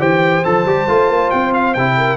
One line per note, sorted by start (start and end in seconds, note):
0.00 0.44 E3
0.00 0.43 G4
0.00 1.96 C5
0.00 0.45 G5
0.44 0.66 F3
0.44 0.66 A4
0.44 1.31 A5
0.66 0.87 G3
0.66 0.89 G4
0.88 1.10 A3
0.88 1.76 F4
1.10 1.31 A#3
1.31 1.76 C4
1.31 1.53 G5
1.54 1.74 F5
1.74 2.17 C3
1.74 2.17 E4
1.74 2.17 G5
1.97 2.17 A#4